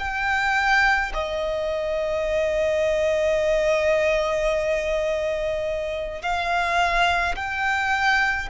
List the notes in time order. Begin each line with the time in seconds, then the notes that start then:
0.00 G5
1.14 D#5
6.23 F5
7.36 G5